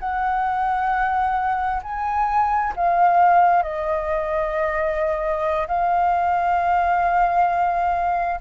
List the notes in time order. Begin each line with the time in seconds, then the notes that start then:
0.00 F#5
1.83 G#5
2.76 F5
3.63 D#5
5.68 F5